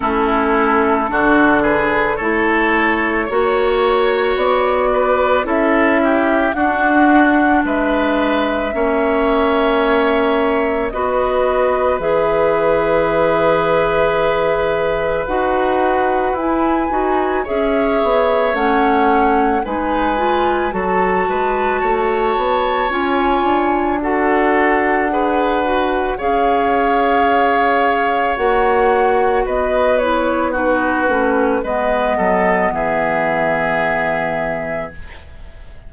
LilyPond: <<
  \new Staff \with { instrumentName = "flute" } { \time 4/4 \tempo 4 = 55 a'4. b'8 cis''2 | d''4 e''4 fis''4 e''4~ | e''2 dis''4 e''4~ | e''2 fis''4 gis''4 |
e''4 fis''4 gis''4 a''4~ | a''4 gis''4 fis''2 | f''2 fis''4 dis''8 cis''8 | b'4 dis''4 e''2 | }
  \new Staff \with { instrumentName = "oboe" } { \time 4/4 e'4 fis'8 gis'8 a'4 cis''4~ | cis''8 b'8 a'8 g'8 fis'4 b'4 | cis''2 b'2~ | b'1 |
cis''2 b'4 a'8 b'8 | cis''2 a'4 b'4 | cis''2. b'4 | fis'4 b'8 a'8 gis'2 | }
  \new Staff \with { instrumentName = "clarinet" } { \time 4/4 cis'4 d'4 e'4 fis'4~ | fis'4 e'4 d'2 | cis'2 fis'4 gis'4~ | gis'2 fis'4 e'8 fis'8 |
gis'4 cis'4 dis'8 f'8 fis'4~ | fis'4 f'4 fis'4 gis'8 fis'8 | gis'2 fis'4. e'8 | dis'8 cis'8 b2. | }
  \new Staff \with { instrumentName = "bassoon" } { \time 4/4 a4 d4 a4 ais4 | b4 cis'4 d'4 gis4 | ais2 b4 e4~ | e2 dis'4 e'8 dis'8 |
cis'8 b8 a4 gis4 fis8 gis8 | a8 b8 cis'8 d'2~ d'8 | cis'2 ais4 b4~ | b8 a8 gis8 fis8 e2 | }
>>